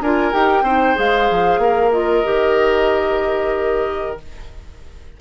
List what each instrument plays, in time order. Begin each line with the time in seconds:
0.00 bassoon D4, clarinet F4, oboe A#4, flute G#5
0.31 bassoon D#4, clarinet G4, flute G5
0.62 bassoon C4, clarinet D#4, oboe C5
0.95 bassoon G#3, clarinet G#4, flute F5
1.30 bassoon F3
1.58 bassoon A#3, oboe A#4
1.92 clarinet F4, flute D#5
2.24 bassoon D#3, clarinet G4